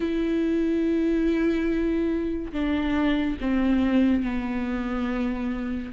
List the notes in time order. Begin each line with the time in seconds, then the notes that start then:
0.00 E4
2.52 D4
3.40 C4
4.23 B3